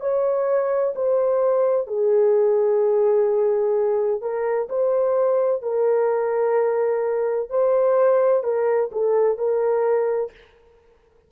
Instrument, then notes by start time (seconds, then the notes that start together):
horn
0.00 C#5
0.95 C5
1.87 G#4
4.21 A#4
4.69 C5
5.62 A#4
7.50 C5
8.43 A#4
8.92 A4
9.37 A#4